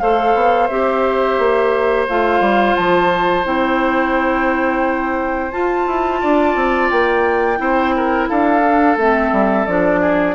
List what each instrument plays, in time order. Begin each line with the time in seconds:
0.00 bassoon A3, clarinet A4, oboe C5, flute F5
0.35 bassoon B3
0.68 bassoon C4, clarinet G4, flute E5
1.39 bassoon A#3
2.09 bassoon A3, clarinet F4, flute F5
2.41 bassoon G3
2.77 bassoon F3, flute A5
3.45 bassoon C4, clarinet E4, flute G5
5.52 clarinet F4, bassoon F4, flute A5
5.88 bassoon E4
6.21 bassoon D4, oboe D5
6.56 bassoon C4
6.90 bassoon A#3, flute G5
7.57 bassoon C4, clarinet E4, oboe C5
7.97 oboe A#4
8.29 bassoon D4, oboe A4, flute F5
8.63 clarinet D4
8.97 bassoon A3, clarinet C4, flute E5
9.33 bassoon G3
9.67 bassoon F3, clarinet D4, flute D5
10.02 oboe G#4